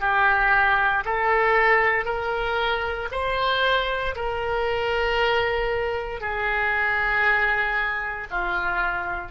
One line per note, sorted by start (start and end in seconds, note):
0.00 1.03 G4
1.05 2.05 A4
2.05 3.08 A#4
3.11 4.15 C5
4.15 6.20 A#4
6.20 8.27 G#4
8.30 9.31 F4